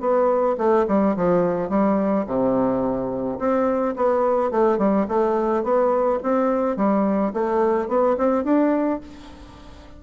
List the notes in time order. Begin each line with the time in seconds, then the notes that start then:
0.00 B3
0.58 A3
0.88 G3
1.16 F3
1.69 G3
2.27 C3
3.39 C4
3.96 B3
4.51 A3
4.78 G3
5.08 A3
5.63 B3
6.23 C4
6.77 G3
7.33 A3
7.88 B3
8.18 C4
8.44 D4